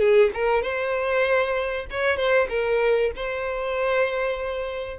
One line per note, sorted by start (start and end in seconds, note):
0.00 0.31 G#4
0.34 0.63 A#4
0.63 1.87 C5
1.91 2.17 C#5
2.17 2.48 C5
2.50 3.12 A#4
3.16 5.00 C5